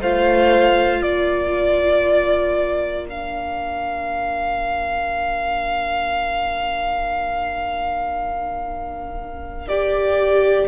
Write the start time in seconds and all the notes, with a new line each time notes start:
0.00 A3 F4 C5 F5
1.00 A#3 A#4 D5
3.08 D4 F5
9.68 G4 D5